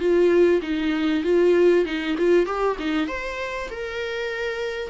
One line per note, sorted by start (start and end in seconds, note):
0.00 0.61 F4
0.62 1.24 D#4
1.24 1.85 F4
1.85 2.16 D#4
2.18 2.46 F4
2.46 2.77 G4
2.79 3.08 D#4
3.08 3.69 C5
3.70 4.90 A#4